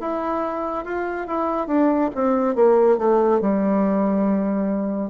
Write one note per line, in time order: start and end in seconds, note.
0.00 0.85 E4
0.85 1.27 F4
1.27 1.67 E4
1.67 2.10 D4
2.15 2.55 C4
2.55 2.98 A#3
2.98 3.41 A3
3.41 5.10 G3